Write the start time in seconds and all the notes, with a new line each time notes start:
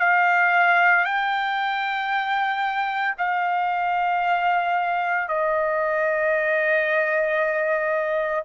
0.00 F5
1.05 G5
3.18 F5
5.28 D#5